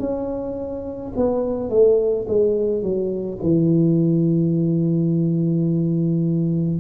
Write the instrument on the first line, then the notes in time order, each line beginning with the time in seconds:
tuba
0.00 C#4
1.16 B3
1.70 A3
2.28 G#3
2.83 F#3
3.43 E3